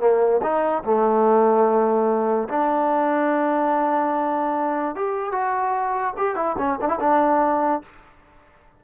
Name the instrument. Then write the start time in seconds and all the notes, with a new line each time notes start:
trombone
0.00 A#3
0.43 D#4
0.84 A3
2.49 D4
4.95 G4
5.32 F#4
6.17 G4
6.36 E4
6.58 C#4
6.82 D4
6.89 E4
7.00 D4